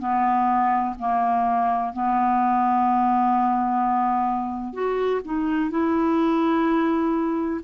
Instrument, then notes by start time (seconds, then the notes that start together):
clarinet
0.00 B3
0.99 A#3
1.94 B3
4.74 F#4
5.26 D#4
5.71 E4